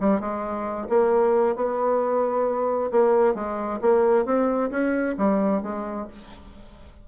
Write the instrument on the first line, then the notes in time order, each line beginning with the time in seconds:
bassoon
0.00 G3
0.20 G#3
0.89 A#3
1.56 B3
2.91 A#3
3.34 G#3
3.81 A#3
4.25 C4
4.70 C#4
5.18 G3
5.62 G#3